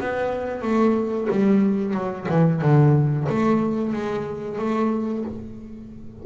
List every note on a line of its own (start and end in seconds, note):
0.00 0.62 B3
0.62 1.28 A3
1.30 1.94 G3
1.94 2.27 F#3
2.29 2.61 E3
2.61 3.27 D3
3.29 3.93 A3
3.93 4.58 G#3
4.58 5.24 A3